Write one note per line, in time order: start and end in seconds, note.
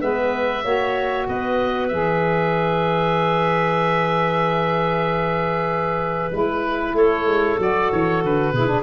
0.00 0.65 G#3
0.00 0.63 B3
0.00 0.64 B4
0.00 1.28 E5
0.64 1.28 A#3
0.64 1.91 F#4
0.64 1.27 C#5
1.28 1.91 B3
1.28 6.96 B4
1.28 1.88 D#5
1.88 6.32 E3
1.88 6.32 G#4
1.88 6.30 E5
6.32 6.94 G#3
6.32 7.58 E4
6.32 6.96 B4
6.94 7.25 A3
6.94 8.54 A4
6.94 7.60 C#5
7.25 7.57 G#3
7.59 7.90 F#3
7.59 8.53 F#4
7.59 7.92 D5
7.92 8.24 E3
7.92 8.24 C#5
8.24 8.53 D3
8.24 8.83 B4
8.53 8.83 B2
8.53 8.67 E4
8.53 8.83 G#4
8.67 8.83 D4